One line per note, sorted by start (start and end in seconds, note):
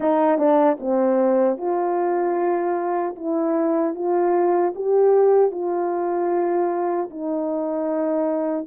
0.00 0.37 D#4
0.37 0.77 D4
0.80 1.57 C4
1.57 3.15 F4
3.15 3.94 E4
3.94 4.73 F4
4.75 5.51 G4
5.51 7.09 F4
7.10 8.66 D#4